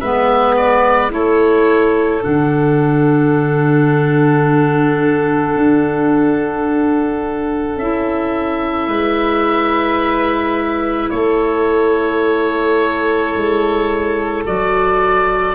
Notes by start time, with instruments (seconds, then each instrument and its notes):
0.00 tuba G#3, clarinet B3, violin B4, oboe E5
0.57 oboe D5
1.09 tuba A3, clarinet E4, violin A4, oboe C#5
2.22 tuba D3, clarinet D4, oboe F#5
5.56 tuba D4
7.77 tuba C#4, clarinet E4, oboe E5
8.87 tuba G#3, violin B4
11.10 tuba A3, violin A4, oboe C#5
13.34 tuba G#3
14.46 tuba F#3, clarinet F#4, oboe D5